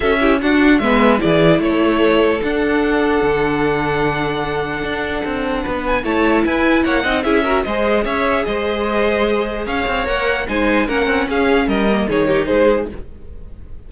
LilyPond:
<<
  \new Staff \with { instrumentName = "violin" } { \time 4/4 \tempo 4 = 149 e''4 fis''4 e''4 d''4 | cis''2 fis''2~ | fis''1~ | fis''2~ fis''8 gis''8 a''4 |
gis''4 fis''4 e''4 dis''4 | e''4 dis''2. | f''4 fis''4 gis''4 fis''4 | f''4 dis''4 cis''4 c''4 | }
  \new Staff \with { instrumentName = "violin" } { \time 4/4 a'8 g'8 fis'4 b'4 gis'4 | a'1~ | a'1~ | a'2 b'4 cis''4 |
b'4 cis''8 dis''8 gis'8 ais'8 c''4 | cis''4 c''2. | cis''2 c''4 ais'4 | gis'4 ais'4 gis'8 g'8 gis'4 | }
  \new Staff \with { instrumentName = "viola" } { \time 4/4 fis'8 e'8 d'4 b4 e'4~ | e'2 d'2~ | d'1~ | d'2. e'4~ |
e'4. dis'8 e'8 fis'8 gis'4~ | gis'1~ | gis'4 ais'4 dis'4 cis'4~ | cis'4. ais8 dis'2 | }
  \new Staff \with { instrumentName = "cello" } { \time 4/4 cis'4 d'4 gis4 e4 | a2 d'2 | d1 | d'4 c'4 b4 a4 |
e'4 ais8 c'8 cis'4 gis4 | cis'4 gis2. | cis'8 c'8 ais4 gis4 ais8 c'8 | cis'4 g4 dis4 gis4 | }
>>